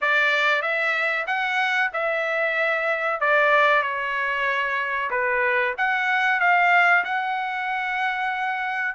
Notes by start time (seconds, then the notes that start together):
0.01 D5
0.62 E5
1.26 F#5
1.93 E5
3.20 D5
3.82 C#5
5.10 B4
5.77 F#5
6.40 F5
7.04 F#5